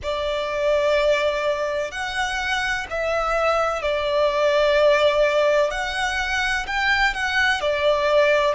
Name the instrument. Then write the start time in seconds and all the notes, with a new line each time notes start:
violin
0.03 D5
1.91 F#5
2.90 E5
3.81 D5
5.71 F#5
6.67 G5
7.14 F#5
7.60 D5